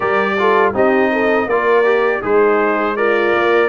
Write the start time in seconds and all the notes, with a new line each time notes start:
0.00 G3 G4 A#4 D5
0.37 F4 A4
0.73 C4 D#4 G4 D#5
1.12 A4
1.46 A#3 F4 A#4 D5
1.85 G4
2.20 G#3 D#4 G#4 C5
2.96 F4 A#4 D5
3.33 A#3